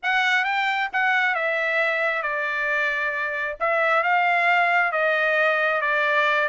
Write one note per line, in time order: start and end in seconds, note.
0.02 0.44 F#5
0.44 0.89 G5
0.93 1.35 F#5
1.35 2.22 E5
2.22 3.56 D5
3.60 4.03 E5
4.03 4.92 F5
4.92 5.81 D#5
5.81 6.48 D5